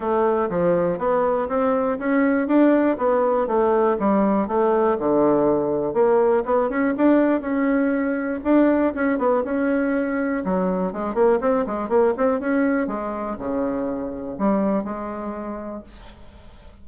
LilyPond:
\new Staff \with { instrumentName = "bassoon" } { \time 4/4 \tempo 4 = 121 a4 f4 b4 c'4 | cis'4 d'4 b4 a4 | g4 a4 d2 | ais4 b8 cis'8 d'4 cis'4~ |
cis'4 d'4 cis'8 b8 cis'4~ | cis'4 fis4 gis8 ais8 c'8 gis8 | ais8 c'8 cis'4 gis4 cis4~ | cis4 g4 gis2 | }